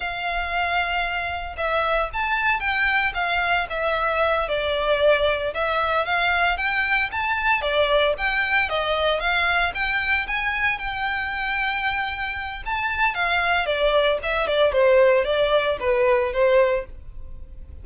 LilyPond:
\new Staff \with { instrumentName = "violin" } { \time 4/4 \tempo 4 = 114 f''2. e''4 | a''4 g''4 f''4 e''4~ | e''8 d''2 e''4 f''8~ | f''8 g''4 a''4 d''4 g''8~ |
g''8 dis''4 f''4 g''4 gis''8~ | gis''8 g''2.~ g''8 | a''4 f''4 d''4 e''8 d''8 | c''4 d''4 b'4 c''4 | }